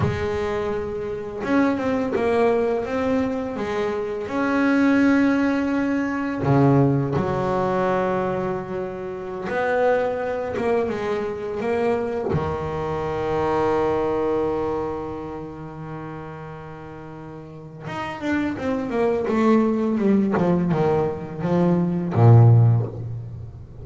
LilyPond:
\new Staff \with { instrumentName = "double bass" } { \time 4/4 \tempo 4 = 84 gis2 cis'8 c'8 ais4 | c'4 gis4 cis'2~ | cis'4 cis4 fis2~ | fis4~ fis16 b4. ais8 gis8.~ |
gis16 ais4 dis2~ dis8.~ | dis1~ | dis4 dis'8 d'8 c'8 ais8 a4 | g8 f8 dis4 f4 ais,4 | }